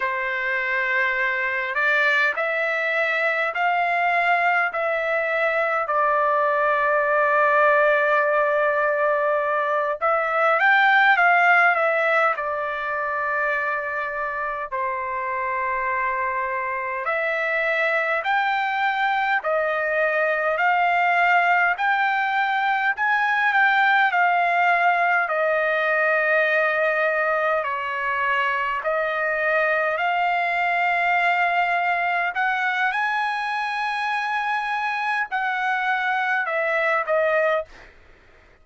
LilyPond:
\new Staff \with { instrumentName = "trumpet" } { \time 4/4 \tempo 4 = 51 c''4. d''8 e''4 f''4 | e''4 d''2.~ | d''8 e''8 g''8 f''8 e''8 d''4.~ | d''8 c''2 e''4 g''8~ |
g''8 dis''4 f''4 g''4 gis''8 | g''8 f''4 dis''2 cis''8~ | cis''8 dis''4 f''2 fis''8 | gis''2 fis''4 e''8 dis''8 | }